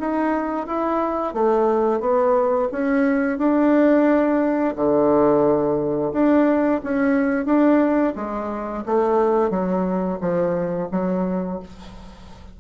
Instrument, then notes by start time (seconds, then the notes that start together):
bassoon
0.00 D#4
0.67 E4
1.34 A3
2.01 B3
2.72 C#4
3.39 D4
4.76 D3
6.13 D4
6.84 C#4
7.46 D4
8.16 G#3
8.86 A3
9.51 F#3
10.21 F3
10.92 F#3